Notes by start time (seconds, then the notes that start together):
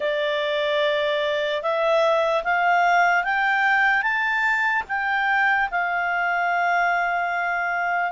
0.00 D5
1.62 E5
2.44 F5
3.24 G5
4.02 A5
4.88 G5
5.70 F5